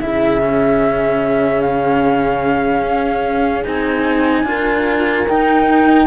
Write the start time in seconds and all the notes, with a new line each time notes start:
0.00 C#3 E4 G#4 E5
0.40 C#4
1.61 F5
2.82 C#4
3.64 C4 D#4 G#5
4.43 D4 F4 A#4
5.28 D#4 G5